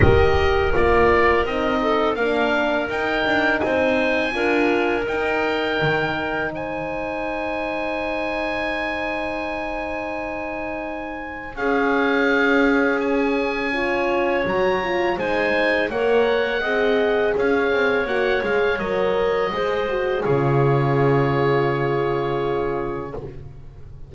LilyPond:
<<
  \new Staff \with { instrumentName = "oboe" } { \time 4/4 \tempo 4 = 83 dis''4 d''4 dis''4 f''4 | g''4 gis''2 g''4~ | g''4 gis''2.~ | gis''1 |
f''2 gis''2 | ais''4 gis''4 fis''2 | f''4 fis''8 f''8 dis''2 | cis''1 | }
  \new Staff \with { instrumentName = "clarinet" } { \time 4/4 ais'2~ ais'8 a'8 ais'4~ | ais'4 c''4 ais'2~ | ais'4 c''2.~ | c''1 |
gis'2. cis''4~ | cis''4 c''4 cis''4 dis''4 | cis''2. c''4 | gis'1 | }
  \new Staff \with { instrumentName = "horn" } { \time 4/4 g'4 f'4 dis'4 d'4 | dis'2 f'4 dis'4~ | dis'1~ | dis'1 |
cis'2. f'4 | fis'8 f'8 dis'4 ais'4 gis'4~ | gis'4 fis'8 gis'8 ais'4 gis'8 fis'8 | f'1 | }
  \new Staff \with { instrumentName = "double bass" } { \time 4/4 dis4 ais4 c'4 ais4 | dis'8 d'8 c'4 d'4 dis'4 | dis4 gis2.~ | gis1 |
cis'1 | fis4 gis4 ais4 c'4 | cis'8 c'8 ais8 gis8 fis4 gis4 | cis1 | }
>>